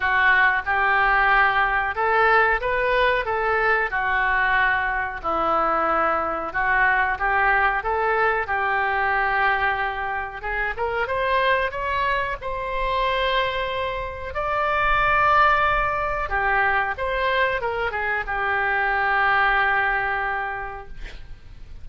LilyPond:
\new Staff \with { instrumentName = "oboe" } { \time 4/4 \tempo 4 = 92 fis'4 g'2 a'4 | b'4 a'4 fis'2 | e'2 fis'4 g'4 | a'4 g'2. |
gis'8 ais'8 c''4 cis''4 c''4~ | c''2 d''2~ | d''4 g'4 c''4 ais'8 gis'8 | g'1 | }